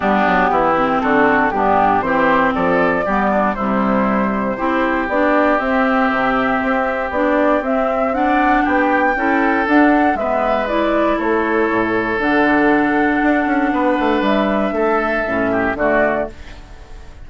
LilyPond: <<
  \new Staff \with { instrumentName = "flute" } { \time 4/4 \tempo 4 = 118 g'2 a'4 g'4 | c''4 d''2 c''4~ | c''2 d''4 e''4~ | e''2 d''4 e''4 |
fis''4 g''2 fis''4 | e''4 d''4 cis''2 | fis''1 | e''2. d''4 | }
  \new Staff \with { instrumentName = "oboe" } { \time 4/4 d'4 e'4 fis'4 d'4 | g'4 a'4 g'8 d'8 e'4~ | e'4 g'2.~ | g'1 |
d''4 g'4 a'2 | b'2 a'2~ | a'2. b'4~ | b'4 a'4. g'8 fis'4 | }
  \new Staff \with { instrumentName = "clarinet" } { \time 4/4 b4. c'4. b4 | c'2 b4 g4~ | g4 e'4 d'4 c'4~ | c'2 d'4 c'4 |
d'2 e'4 d'4 | b4 e'2. | d'1~ | d'2 cis'4 a4 | }
  \new Staff \with { instrumentName = "bassoon" } { \time 4/4 g8 fis8 e4 d4 g,4 | e4 f4 g4 c4~ | c4 c'4 b4 c'4 | c4 c'4 b4 c'4~ |
c'4 b4 cis'4 d'4 | gis2 a4 a,4 | d2 d'8 cis'8 b8 a8 | g4 a4 a,4 d4 | }
>>